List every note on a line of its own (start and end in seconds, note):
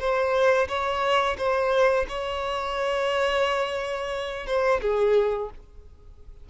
0.00 0.68 C5
0.68 1.37 C#5
1.38 2.06 C5
2.09 4.47 C#5
4.47 4.81 C5
4.82 5.50 G#4